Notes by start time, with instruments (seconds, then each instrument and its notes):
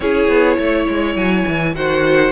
0.00 cello C#4, viola E4, violin G#4 C#5
0.28 cello B3
0.57 cello A3, violin C#5
0.88 cello G#3
1.15 cello F#3, violin G#5
1.48 cello E3
1.75 cello D#3, viola F#4, violin C5 F#5